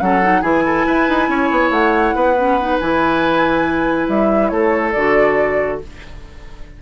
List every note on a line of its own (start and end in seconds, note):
0.00 0.42 F#3
0.00 0.22 C#4
0.00 0.41 A4
0.00 0.42 F#5
0.22 0.43 D#4
0.41 0.85 E3
0.41 2.36 E4
0.41 0.63 G#4
0.41 1.70 G#5
0.66 0.86 A4
0.86 1.09 E4
0.86 1.29 B4
1.09 1.28 D#4
1.28 1.50 C#4
1.28 2.15 C#5
1.51 1.70 B3
1.70 2.13 A3
1.70 2.78 F#5
2.15 2.79 B3
2.15 4.51 B4
2.38 2.59 C#4
2.60 2.82 D#4
2.79 4.08 E3
2.79 4.96 E4
2.79 4.08 G#5
4.08 4.51 G3
4.08 4.48 E5
4.48 4.94 A3
4.48 5.81 A4
4.48 4.91 C#5
4.92 5.81 D3
4.92 5.82 F#4
4.92 5.78 D5